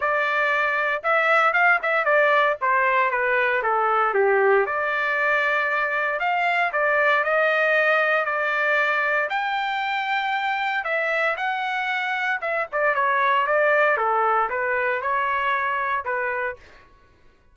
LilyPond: \new Staff \with { instrumentName = "trumpet" } { \time 4/4 \tempo 4 = 116 d''2 e''4 f''8 e''8 | d''4 c''4 b'4 a'4 | g'4 d''2. | f''4 d''4 dis''2 |
d''2 g''2~ | g''4 e''4 fis''2 | e''8 d''8 cis''4 d''4 a'4 | b'4 cis''2 b'4 | }